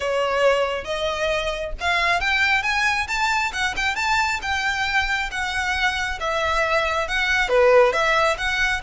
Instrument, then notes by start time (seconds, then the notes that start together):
violin
0.00 C#5
0.84 D#5
1.80 F5
2.20 G5
2.62 G#5
3.07 A5
3.53 F#5
3.76 G5
3.95 A5
4.42 G5
5.31 F#5
6.20 E5
7.07 F#5
7.48 B4
7.93 E5
8.37 F#5